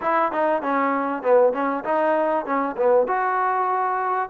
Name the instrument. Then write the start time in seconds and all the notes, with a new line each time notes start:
trombone
0.01 E4
0.32 D#4
0.62 C#4
1.22 B3
1.53 C#4
1.84 D#4
2.45 C#4
2.76 B3
3.07 F#4